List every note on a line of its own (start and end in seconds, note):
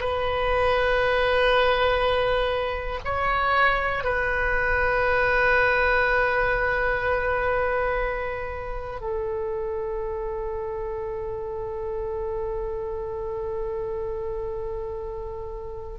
0.00 3.00 B4
3.05 4.04 C#5
4.04 9.01 B4
9.01 15.99 A4